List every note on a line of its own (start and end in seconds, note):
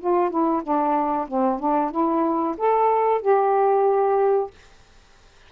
0.00 0.30 F4
0.30 0.62 E4
0.63 1.27 D4
1.28 1.59 C4
1.59 1.91 D4
1.91 2.56 E4
2.57 3.21 A4
3.21 4.50 G4